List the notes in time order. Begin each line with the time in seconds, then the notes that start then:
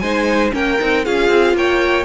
0.00 G#3 D#4 C5 G#5
0.52 A#3 C#4 A#4 G5
0.80 C4 D#4
1.05 C#4 F4 G#4 F5
1.29 C4
1.54 A#3 C#5 G5